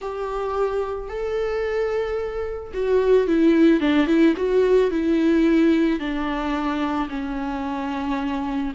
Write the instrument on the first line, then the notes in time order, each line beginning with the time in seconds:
viola
0.01 G4
1.08 A4
2.73 F#4
3.27 E4
3.80 D4
4.07 E4
4.36 F#4
4.90 E4
5.99 D4
7.09 C#4